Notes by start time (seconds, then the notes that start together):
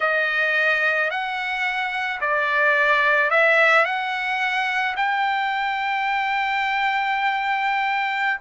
0.00 D#5
1.10 F#5
2.20 D5
3.30 E5
3.85 F#5
4.96 G5